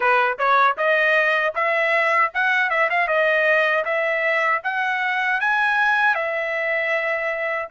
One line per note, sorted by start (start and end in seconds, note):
0.00 0.38 B4
0.38 0.76 C#5
0.77 1.53 D#5
1.55 2.31 E5
2.34 2.70 F#5
2.70 2.89 E5
2.90 3.07 F5
3.07 3.84 D#5
3.85 4.62 E5
4.63 5.40 F#5
5.40 6.14 G#5
6.14 7.68 E5